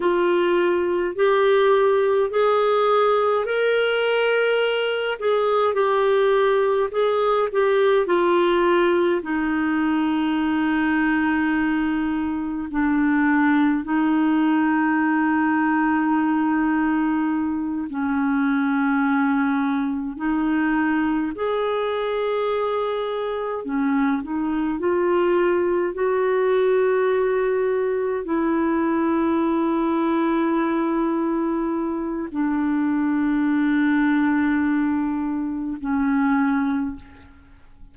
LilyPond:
\new Staff \with { instrumentName = "clarinet" } { \time 4/4 \tempo 4 = 52 f'4 g'4 gis'4 ais'4~ | ais'8 gis'8 g'4 gis'8 g'8 f'4 | dis'2. d'4 | dis'2.~ dis'8 cis'8~ |
cis'4. dis'4 gis'4.~ | gis'8 cis'8 dis'8 f'4 fis'4.~ | fis'8 e'2.~ e'8 | d'2. cis'4 | }